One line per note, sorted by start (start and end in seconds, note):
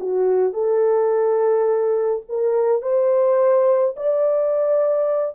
0.00 0.54 F#4
0.54 2.23 A4
2.29 2.82 A#4
2.82 3.95 C5
3.97 5.35 D5